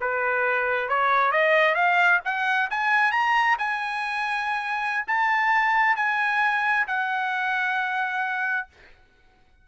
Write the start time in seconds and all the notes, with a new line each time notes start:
0.00 B4
0.89 C#5
1.31 D#5
1.75 F5
2.24 F#5
2.70 G#5
3.11 A#5
3.58 G#5
5.07 A5
5.96 G#5
6.87 F#5